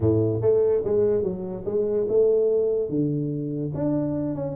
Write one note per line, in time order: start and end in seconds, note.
0.00 0.41 A2
0.41 0.82 A3
0.84 1.23 G#3
1.23 1.64 F#3
1.65 2.06 G#3
2.08 2.89 A3
2.89 3.72 D3
3.74 4.35 D4
4.35 4.56 C#4